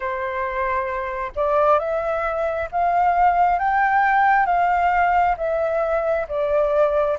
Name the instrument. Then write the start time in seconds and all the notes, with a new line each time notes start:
flute
0.00 C5
1.35 D5
1.79 E5
2.71 F5
3.59 G5
4.45 F5
5.37 E5
6.28 D5